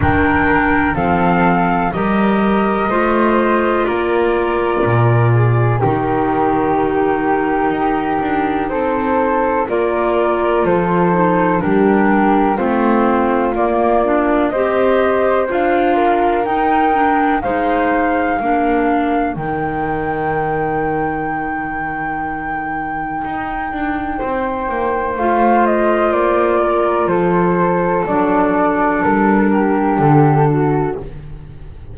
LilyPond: <<
  \new Staff \with { instrumentName = "flute" } { \time 4/4 \tempo 4 = 62 g''4 f''4 dis''2 | d''2 ais'2~ | ais'4 c''4 d''4 c''4 | ais'4 c''4 d''4 dis''4 |
f''4 g''4 f''2 | g''1~ | g''2 f''8 dis''8 d''4 | c''4 d''4 ais'4 a'4 | }
  \new Staff \with { instrumentName = "flute" } { \time 4/4 ais'4 a'4 ais'4 c''4 | ais'4. gis'8 g'2~ | g'4 a'4 ais'4 a'4 | g'4 f'2 c''4~ |
c''8 ais'4. c''4 ais'4~ | ais'1~ | ais'4 c''2~ c''8 ais'8 | a'2~ a'8 g'4 fis'8 | }
  \new Staff \with { instrumentName = "clarinet" } { \time 4/4 d'4 c'4 g'4 f'4~ | f'2 dis'2~ | dis'2 f'4. dis'8 | d'4 c'4 ais8 d'8 g'4 |
f'4 dis'8 d'8 dis'4 d'4 | dis'1~ | dis'2 f'2~ | f'4 d'2. | }
  \new Staff \with { instrumentName = "double bass" } { \time 4/4 dis4 f4 g4 a4 | ais4 ais,4 dis2 | dis'8 d'8 c'4 ais4 f4 | g4 a4 ais4 c'4 |
d'4 dis'4 gis4 ais4 | dis1 | dis'8 d'8 c'8 ais8 a4 ais4 | f4 fis4 g4 d4 | }
>>